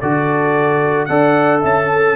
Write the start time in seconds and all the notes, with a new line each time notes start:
0.00 D3 F#4 A4 D5
1.05 D4 A4 D5 F#5
1.61 C#4 E5 A5
1.91 A4